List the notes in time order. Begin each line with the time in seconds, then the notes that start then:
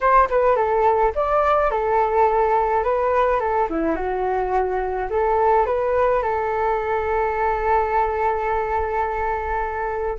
0.00 C5
0.29 B4
0.56 A4
1.15 D5
1.71 A4
2.83 B4
3.40 A4
3.69 E4
3.95 F#4
5.09 A4
5.66 B4
6.22 A4